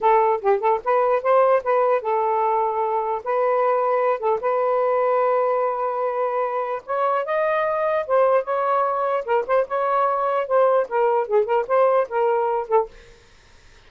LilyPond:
\new Staff \with { instrumentName = "saxophone" } { \time 4/4 \tempo 4 = 149 a'4 g'8 a'8 b'4 c''4 | b'4 a'2. | b'2~ b'8 a'8 b'4~ | b'1~ |
b'4 cis''4 dis''2 | c''4 cis''2 ais'8 c''8 | cis''2 c''4 ais'4 | gis'8 ais'8 c''4 ais'4. a'8 | }